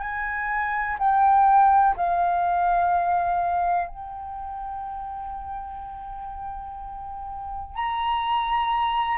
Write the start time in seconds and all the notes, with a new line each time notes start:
0.00 G#5
0.99 G5
1.97 F5
3.88 G5
7.76 A#5